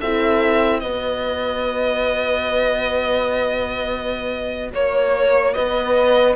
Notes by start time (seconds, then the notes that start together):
0.00 C4 E4 A4 E5
0.80 B3 F#4 B4 D#5
4.72 A#3 C#5
5.53 B3 B4 D#5